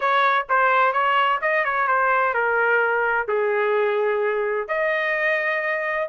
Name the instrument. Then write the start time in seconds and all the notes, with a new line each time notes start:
trumpet
0.00 C#5
0.49 C5
0.92 C#5
1.41 D#5
1.64 C#5
1.87 C5
2.34 A#4
3.27 G#4
4.68 D#5